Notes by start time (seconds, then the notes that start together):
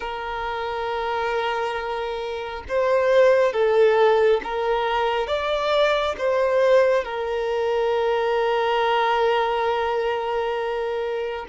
0.00 A#4
2.68 C5
3.52 A4
4.43 A#4
5.27 D5
6.18 C5
7.04 A#4